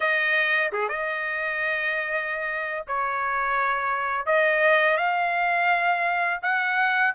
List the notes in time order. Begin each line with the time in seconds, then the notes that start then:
0.00 D#5
0.72 G#4
0.88 D#5
2.87 C#5
4.26 D#5
4.97 F5
6.42 F#5